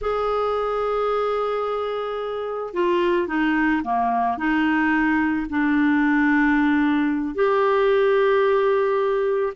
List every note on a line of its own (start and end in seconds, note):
0.01 2.73 G#4
2.73 3.27 F4
3.27 3.82 D#4
3.83 4.37 A#3
4.37 5.46 D#4
5.49 7.34 D4
7.34 9.53 G4